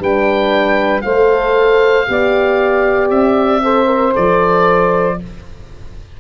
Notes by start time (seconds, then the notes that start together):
0.00 G3 D4 B4 G5
1.02 A3 A4 C5 F5
2.07 B3 G4 D5
3.10 C4 E5
3.63 A4 C5
3.86 A#4
4.13 F3 A4 D5